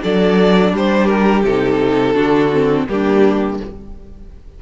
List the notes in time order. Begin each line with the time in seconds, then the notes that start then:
0.00 F#3 D4 A4 D5
0.72 G3 G4 C5
1.07 A#4
1.44 C3 D#4 A4
2.13 D3 D4 F#4
2.52 C4
2.88 G3 A#3 D4 G4